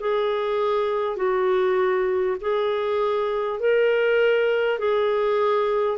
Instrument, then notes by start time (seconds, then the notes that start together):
clarinet
0.00 G#4
1.16 F#4
2.41 G#4
3.59 A#4
4.79 G#4